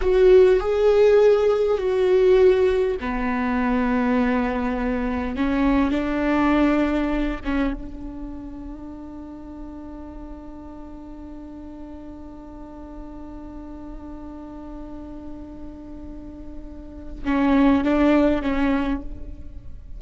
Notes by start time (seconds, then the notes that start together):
0.01 F#4
0.60 G#4
1.78 F#4
2.99 B3
5.36 C#4
5.91 D4
7.44 C#4
7.73 D4
17.24 C#4
17.84 D4
18.42 C#4